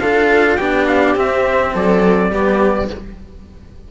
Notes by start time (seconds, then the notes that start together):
0.00 D4 F4 A4 F5
0.57 B3 D4 G4 G5
0.87 F5
1.15 C4 E5
1.74 F#3 A4 D5
2.31 G3 B3 G4